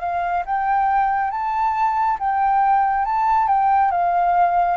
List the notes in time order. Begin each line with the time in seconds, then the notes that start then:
0.00 F5
0.46 G5
1.31 A5
2.19 G5
3.06 A5
3.48 G5
3.91 F5